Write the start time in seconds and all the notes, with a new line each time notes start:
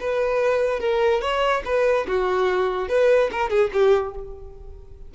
0.00 B4
0.80 A#4
1.21 C#5
1.65 B4
2.07 F#4
2.89 B4
3.32 A#4
3.50 G#4
3.73 G4